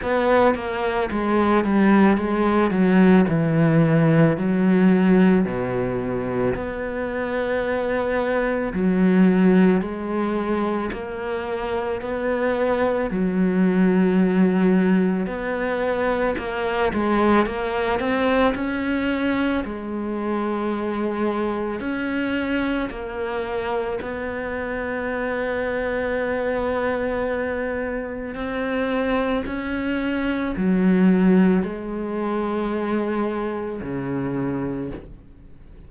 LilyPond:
\new Staff \with { instrumentName = "cello" } { \time 4/4 \tempo 4 = 55 b8 ais8 gis8 g8 gis8 fis8 e4 | fis4 b,4 b2 | fis4 gis4 ais4 b4 | fis2 b4 ais8 gis8 |
ais8 c'8 cis'4 gis2 | cis'4 ais4 b2~ | b2 c'4 cis'4 | fis4 gis2 cis4 | }